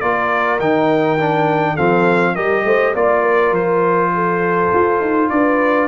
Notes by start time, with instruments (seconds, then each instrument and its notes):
0.00 tuba A#3, trombone F4, horn A#4, trumpet D5
0.59 tuba D#3, trombone D#4, trumpet G5
1.19 trombone D4
1.74 tuba F3, trombone C4, horn A4, trumpet F5
2.35 tuba G3, trombone G4, horn A#4, trumpet D#5
2.64 tuba A3, horn C5
2.94 tuba A#3, trombone F4, horn D5, trumpet D5
3.22 horn A#4
3.51 tuba F3, trumpet C5
4.14 horn A4
4.74 tuba F4
5.00 tuba D#4
5.29 tuba D4, horn B4, trumpet D5